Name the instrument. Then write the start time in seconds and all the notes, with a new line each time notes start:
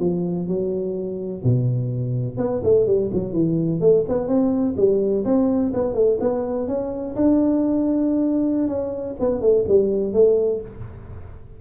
tuba
0.00 F3
0.48 F#3
1.44 B2
2.37 B3
2.64 A3
2.87 G3
3.13 F#3
3.33 E3
3.81 A3
4.09 B3
4.28 C4
4.77 G3
5.25 C4
5.74 B3
5.94 A3
6.21 B3
6.68 C#4
7.16 D4
8.68 C#4
9.20 B3
9.41 A3
9.68 G3
10.13 A3